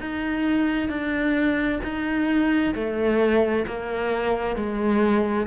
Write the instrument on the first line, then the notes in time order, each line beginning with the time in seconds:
cello
0.00 D#4
0.89 D4
1.83 D#4
2.74 A3
3.67 A#3
4.56 G#3